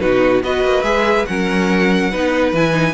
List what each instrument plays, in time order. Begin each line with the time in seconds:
0.00 cello B2, viola D#4, violin F#4 B4
0.43 cello B3, viola F#4, violin B4 D#5
0.64 cello A#3
0.83 cello G#3, viola G#4, violin E5
1.26 cello F#3, viola C#4, violin A#4 F#5
2.11 cello B3, viola D#4, violin B4
2.53 cello E3, viola E4, violin G#5
2.72 viola D#4